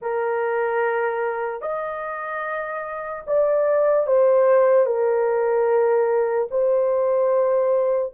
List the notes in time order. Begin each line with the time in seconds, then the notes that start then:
0.01 A#4
1.61 D#5
3.27 D5
4.06 C5
4.86 A#4
6.50 C5